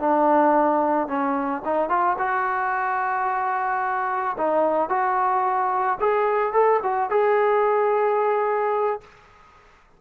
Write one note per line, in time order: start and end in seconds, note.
0.00 1.08 D4
1.08 1.63 C#4
1.65 1.89 D#4
1.89 2.17 F4
2.19 4.37 F#4
4.38 4.90 D#4
4.90 5.99 F#4
6.00 6.53 G#4
6.53 6.81 A4
6.83 7.11 F#4
7.11 9.01 G#4